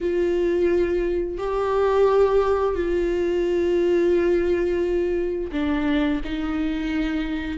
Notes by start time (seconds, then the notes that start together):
0.01 F4
1.38 G4
2.75 F4
5.51 D4
6.24 D#4